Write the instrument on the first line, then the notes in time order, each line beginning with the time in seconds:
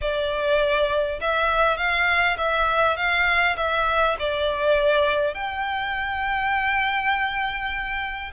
violin
0.01 D5
1.20 E5
1.77 F5
2.37 E5
2.96 F5
3.56 E5
4.19 D5
5.34 G5